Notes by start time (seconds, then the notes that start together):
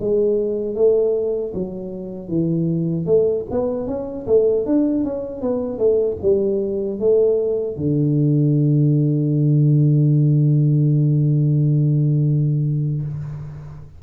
0.00 G#3
0.75 A3
1.54 F#3
2.28 E3
3.06 A3
3.50 B3
3.87 C#4
4.26 A3
4.65 D4
5.04 C#4
5.41 B3
5.78 A3
6.22 G3
6.99 A3
7.76 D3